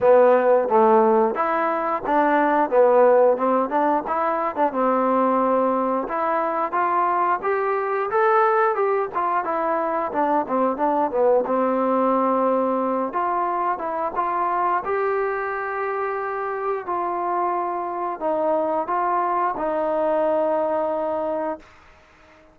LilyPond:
\new Staff \with { instrumentName = "trombone" } { \time 4/4 \tempo 4 = 89 b4 a4 e'4 d'4 | b4 c'8 d'8 e'8. d'16 c'4~ | c'4 e'4 f'4 g'4 | a'4 g'8 f'8 e'4 d'8 c'8 |
d'8 b8 c'2~ c'8 f'8~ | f'8 e'8 f'4 g'2~ | g'4 f'2 dis'4 | f'4 dis'2. | }